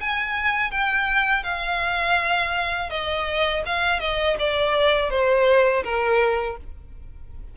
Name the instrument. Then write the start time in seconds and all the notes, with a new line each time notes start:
violin
0.00 G#5
0.71 G5
1.43 F5
2.90 D#5
3.66 F5
4.00 D#5
4.39 D5
5.10 C5
5.83 A#4